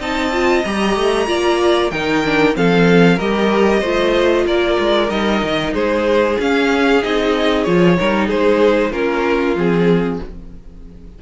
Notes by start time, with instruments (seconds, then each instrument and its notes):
0.00 cello C4, viola D#4, violin D#5 A5
0.33 viola F4
0.65 cello G3, viola G4, violin A#5
0.96 cello A3
1.26 cello A#3, viola F4, violin D5
1.91 cello D#3, viola D#4, violin A#4 G5
2.25 viola D4
2.54 cello F3, viola C4, violin A4 F5
3.16 cello G3, viola G4, violin A#4 D#5
3.80 cello A3, viola F4, violin C5
4.46 cello A#3, violin A#4 D5
4.80 cello G#3
5.09 cello G3, viola D#4, violin D#5
5.43 cello D#3
5.74 cello G#3, violin G#4 C5
6.39 cello C#4, viola C#4, violin F5
7.03 cello C4, viola D#4, violin D#5
7.64 cello F3, viola F4, violin C#5
7.97 cello G3, viola D#4, violin A#4
8.27 cello G#3, violin G#4 C5
8.92 cello A#3, viola C#4, violin F4 A#4
9.56 cello F3, viola C4, violin G#4